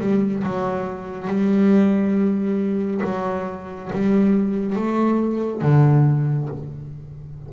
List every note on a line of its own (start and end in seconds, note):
0.00 0.43 G3
0.44 1.28 F#3
1.28 3.02 G3
3.04 3.91 F#3
3.93 4.76 G3
4.76 5.62 A3
5.62 6.49 D3